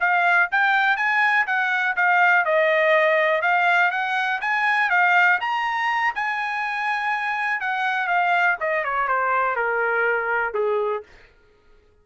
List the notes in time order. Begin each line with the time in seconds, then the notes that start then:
0.00 F5
0.51 G5
0.97 G#5
1.46 F#5
1.96 F5
2.45 D#5
3.42 F5
3.91 F#5
4.41 G#5
4.90 F5
5.40 A#5
6.15 G#5
7.61 F#5
8.07 F5
8.60 D#5
8.84 C#5
9.08 C5
9.56 A#4
10.54 G#4